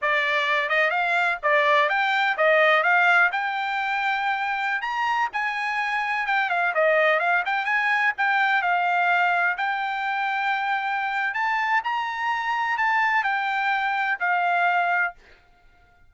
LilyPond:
\new Staff \with { instrumentName = "trumpet" } { \time 4/4 \tempo 4 = 127 d''4. dis''8 f''4 d''4 | g''4 dis''4 f''4 g''4~ | g''2~ g''16 ais''4 gis''8.~ | gis''4~ gis''16 g''8 f''8 dis''4 f''8 g''16~ |
g''16 gis''4 g''4 f''4.~ f''16~ | f''16 g''2.~ g''8. | a''4 ais''2 a''4 | g''2 f''2 | }